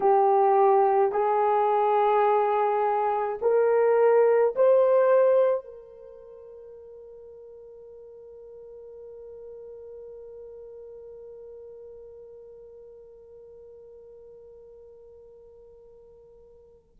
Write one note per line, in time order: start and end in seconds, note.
0.00 1.12 G4
1.12 3.38 G#4
3.41 4.54 A#4
4.55 5.64 C5
5.64 16.96 A#4